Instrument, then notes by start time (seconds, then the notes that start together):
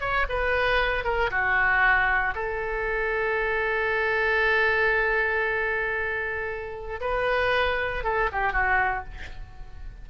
oboe
0.00 C#5
0.29 B4
1.04 A#4
1.30 F#4
2.35 A4
7.01 B4
8.04 A4
8.32 G4
8.52 F#4